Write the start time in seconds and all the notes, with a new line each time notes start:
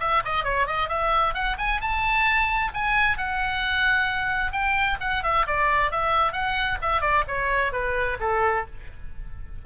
0.00 E5
0.25 D#5
0.44 C#5
0.67 D#5
0.89 E5
1.34 F#5
1.58 G#5
1.81 A5
2.74 G#5
3.18 F#5
4.52 G5
5.00 F#5
5.23 E5
5.47 D5
5.91 E5
6.33 F#5
6.82 E5
7.01 D5
7.28 C#5
7.72 B4
8.20 A4